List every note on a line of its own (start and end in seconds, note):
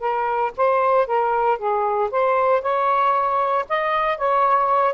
0.00 0.52 A#4
0.57 1.07 C5
1.07 1.58 A#4
1.58 2.10 G#4
2.11 2.62 C5
2.62 3.65 C#5
3.69 4.18 D#5
4.18 4.94 C#5